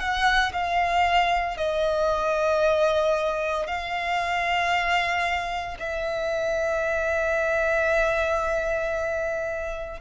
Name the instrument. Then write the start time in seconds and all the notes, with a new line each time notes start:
violin
0.00 F#5
0.53 F5
1.58 D#5
3.67 F5
5.80 E5